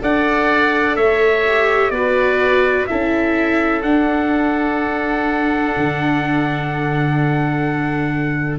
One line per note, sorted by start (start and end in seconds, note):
0.00 0.97 D4
0.00 1.43 A4
0.00 0.97 D5
0.00 0.96 F#5
0.96 1.91 A3
0.96 1.92 C#5
0.96 1.91 E5
1.47 1.94 G4
1.91 2.86 B3
1.91 2.89 F#4
1.91 2.89 B4
1.91 2.86 D5
2.87 3.84 C#4
2.87 3.84 E4
2.87 8.59 A4
2.87 3.82 E5
3.83 8.59 D4
3.83 5.75 D4
3.83 8.59 F#5
5.77 8.59 D3